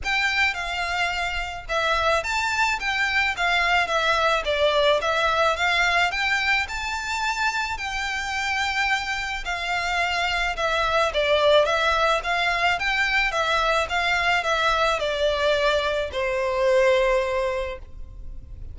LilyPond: \new Staff \with { instrumentName = "violin" } { \time 4/4 \tempo 4 = 108 g''4 f''2 e''4 | a''4 g''4 f''4 e''4 | d''4 e''4 f''4 g''4 | a''2 g''2~ |
g''4 f''2 e''4 | d''4 e''4 f''4 g''4 | e''4 f''4 e''4 d''4~ | d''4 c''2. | }